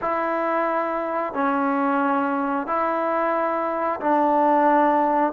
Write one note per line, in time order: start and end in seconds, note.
0.01 1.33 E4
1.33 2.66 C#4
2.66 4.00 E4
4.00 5.32 D4